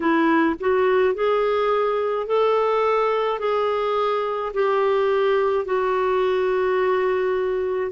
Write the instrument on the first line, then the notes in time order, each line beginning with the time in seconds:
clarinet
0.00 E4
0.59 F#4
1.14 G#4
2.26 A4
3.39 G#4
4.53 G4
5.65 F#4